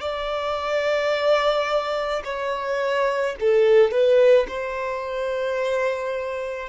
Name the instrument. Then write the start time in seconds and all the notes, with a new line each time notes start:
violin
0.00 D5
2.24 C#5
3.40 A4
3.91 B4
4.47 C5